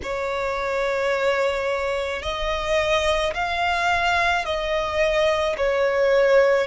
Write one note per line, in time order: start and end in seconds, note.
0.03 2.22 C#5
2.22 3.33 D#5
3.33 4.44 F5
4.44 5.56 D#5
5.57 6.67 C#5